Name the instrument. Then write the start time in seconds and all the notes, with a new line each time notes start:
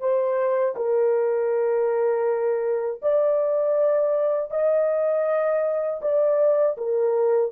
horn
0.00 C5
0.76 A#4
3.02 D5
4.51 D#5
6.01 D5
6.77 A#4